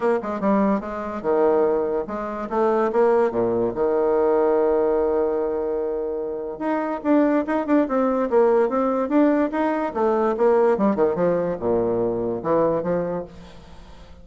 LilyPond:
\new Staff \with { instrumentName = "bassoon" } { \time 4/4 \tempo 4 = 145 ais8 gis8 g4 gis4 dis4~ | dis4 gis4 a4 ais4 | ais,4 dis2.~ | dis1 |
dis'4 d'4 dis'8 d'8 c'4 | ais4 c'4 d'4 dis'4 | a4 ais4 g8 dis8 f4 | ais,2 e4 f4 | }